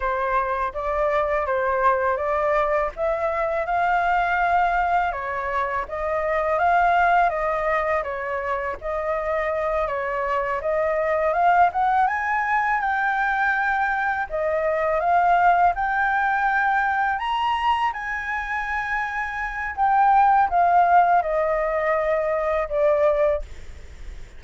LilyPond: \new Staff \with { instrumentName = "flute" } { \time 4/4 \tempo 4 = 82 c''4 d''4 c''4 d''4 | e''4 f''2 cis''4 | dis''4 f''4 dis''4 cis''4 | dis''4. cis''4 dis''4 f''8 |
fis''8 gis''4 g''2 dis''8~ | dis''8 f''4 g''2 ais''8~ | ais''8 gis''2~ gis''8 g''4 | f''4 dis''2 d''4 | }